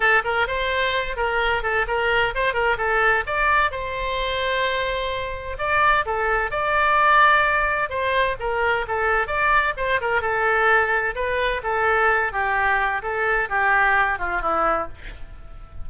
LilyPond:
\new Staff \with { instrumentName = "oboe" } { \time 4/4 \tempo 4 = 129 a'8 ais'8 c''4. ais'4 a'8 | ais'4 c''8 ais'8 a'4 d''4 | c''1 | d''4 a'4 d''2~ |
d''4 c''4 ais'4 a'4 | d''4 c''8 ais'8 a'2 | b'4 a'4. g'4. | a'4 g'4. f'8 e'4 | }